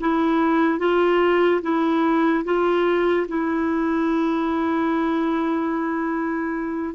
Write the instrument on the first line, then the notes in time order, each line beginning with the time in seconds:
clarinet
0.00 E4
0.78 F4
1.62 E4
2.44 F4
3.28 E4